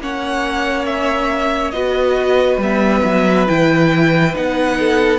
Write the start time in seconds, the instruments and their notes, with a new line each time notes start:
0.00 cello A#3, viola C#4, violin C#5 F#5
0.86 violin E5
1.71 cello B3, viola F#4, violin B4 D#5
2.57 cello G3, viola B3, violin E5
3.05 cello F#3
3.47 cello E3, viola E4, violin G5
4.34 cello B3, viola D#4, violin F#5
4.79 violin A4